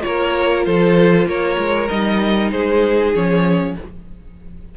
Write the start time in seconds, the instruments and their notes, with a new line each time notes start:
0.00 cello A#3, viola F4, violin C#5
0.06 violin A#4
0.65 cello F3, violin A4 C5
1.26 cello A#3, violin A#4 C#5
1.58 cello G#3
1.88 cello G3, viola D#4, violin D#5
2.51 cello G#3, violin G#4 C5
3.15 cello F3, viola C#4, violin C#5